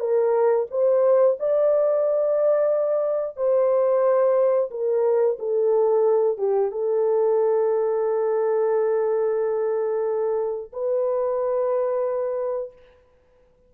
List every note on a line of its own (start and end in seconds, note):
0.00 0.67 A#4
0.71 1.38 C5
1.40 3.37 D5
3.37 4.70 C5
4.71 5.38 A#4
5.39 6.38 A4
6.38 6.72 G4
6.72 10.72 A4
10.73 12.73 B4